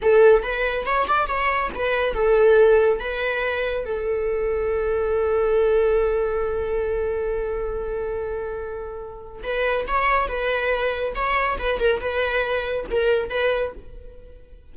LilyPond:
\new Staff \with { instrumentName = "viola" } { \time 4/4 \tempo 4 = 140 a'4 b'4 cis''8 d''8 cis''4 | b'4 a'2 b'4~ | b'4 a'2.~ | a'1~ |
a'1~ | a'2 b'4 cis''4 | b'2 cis''4 b'8 ais'8 | b'2 ais'4 b'4 | }